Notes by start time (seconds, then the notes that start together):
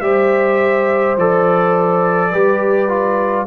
0.00 G3 G4 C5 E5
1.16 F3 A4 D5
2.30 G3 G4 B4
2.88 F4